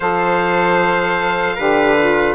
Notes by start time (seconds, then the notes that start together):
0.00 F3 A4 C5 F5
1.56 D3 G4 B4
1.99 F4